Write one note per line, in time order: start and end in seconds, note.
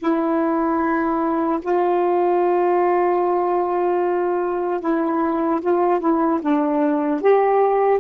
0.00 1.60 E4
1.63 4.81 F4
4.81 5.61 E4
5.62 6.00 F4
6.00 6.40 E4
6.42 7.21 D4
7.21 8.00 G4